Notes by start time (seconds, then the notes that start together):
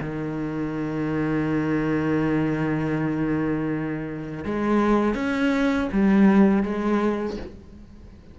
0.00 D#3
4.45 G#3
5.14 C#4
5.92 G3
6.63 G#3